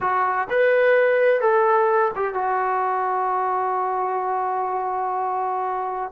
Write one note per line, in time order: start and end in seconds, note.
0.00 0.48 F#4
0.49 1.40 B4
1.40 2.11 A4
2.15 2.34 G4
2.34 6.12 F#4